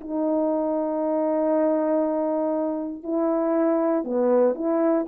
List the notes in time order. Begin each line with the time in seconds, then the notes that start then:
0.00 D#4
3.03 E4
4.04 B3
4.54 E4